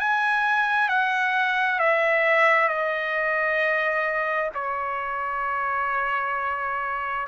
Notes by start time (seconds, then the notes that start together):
0.00 G#5
0.89 F#5
1.79 E5
2.69 D#5
4.55 C#5